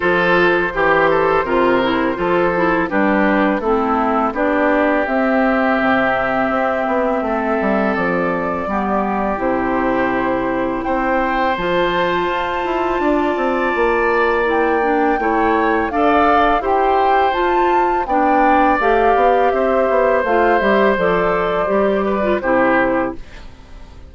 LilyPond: <<
  \new Staff \with { instrumentName = "flute" } { \time 4/4 \tempo 4 = 83 c''1 | b'4 a'4 d''4 e''4~ | e''2. d''4~ | d''4 c''2 g''4 |
a''1 | g''2 f''4 g''4 | a''4 g''4 f''4 e''4 | f''8 e''8 d''2 c''4 | }
  \new Staff \with { instrumentName = "oboe" } { \time 4/4 a'4 g'8 a'8 ais'4 a'4 | g'4 e'4 g'2~ | g'2 a'2 | g'2. c''4~ |
c''2 d''2~ | d''4 cis''4 d''4 c''4~ | c''4 d''2 c''4~ | c''2~ c''8 b'8 g'4 | }
  \new Staff \with { instrumentName = "clarinet" } { \time 4/4 f'4 g'4 f'8 e'8 f'8 e'8 | d'4 c'4 d'4 c'4~ | c'1 | b4 e'2. |
f'1 | e'8 d'8 e'4 a'4 g'4 | f'4 d'4 g'2 | f'8 g'8 a'4 g'8. f'16 e'4 | }
  \new Staff \with { instrumentName = "bassoon" } { \time 4/4 f4 e4 c4 f4 | g4 a4 b4 c'4 | c4 c'8 b8 a8 g8 f4 | g4 c2 c'4 |
f4 f'8 e'8 d'8 c'8 ais4~ | ais4 a4 d'4 e'4 | f'4 b4 a8 b8 c'8 b8 | a8 g8 f4 g4 c4 | }
>>